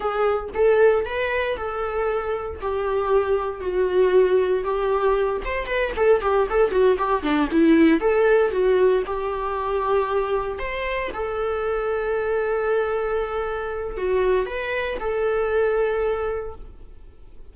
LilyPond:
\new Staff \with { instrumentName = "viola" } { \time 4/4 \tempo 4 = 116 gis'4 a'4 b'4 a'4~ | a'4 g'2 fis'4~ | fis'4 g'4. c''8 b'8 a'8 | g'8 a'8 fis'8 g'8 d'8 e'4 a'8~ |
a'8 fis'4 g'2~ g'8~ | g'8 c''4 a'2~ a'8~ | a'2. fis'4 | b'4 a'2. | }